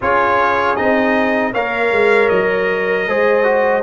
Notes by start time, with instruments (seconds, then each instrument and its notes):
0.01 tuba C#4, trombone F4, horn G#4, trumpet C#5
0.76 tuba C4, trombone D#4, trumpet D#5
1.52 tuba A#3, trombone A#4, horn C#5, trumpet F5
1.92 tuba G#3
2.28 tuba F#3, trumpet D#5
3.08 tuba G#3, trombone G#4, horn C5
3.43 trombone F#4